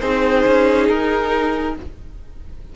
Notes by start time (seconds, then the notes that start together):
0.00 C4 D#4 G#4 C5
0.47 C#4
0.89 D#4 A#4